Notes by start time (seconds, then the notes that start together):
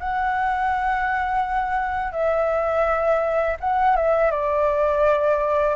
0.00 F#5
2.13 E5
3.61 F#5
3.96 E5
4.31 D5